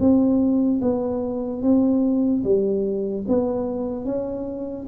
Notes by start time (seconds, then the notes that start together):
0.00 C4
0.82 B3
1.63 C4
2.44 G3
3.28 B3
4.05 C#4